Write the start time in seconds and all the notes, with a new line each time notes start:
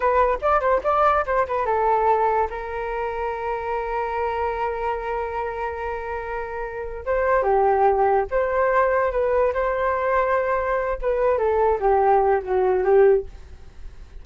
0.00 B4
0.41 D5
0.60 C5
0.83 D5
1.26 C5
1.47 B4
1.65 A4
2.50 A#4
7.05 C5
7.43 G4
8.30 C5
9.11 B4
9.53 C5
11.01 B4
11.38 A4
11.79 G4
12.43 F#4
12.84 G4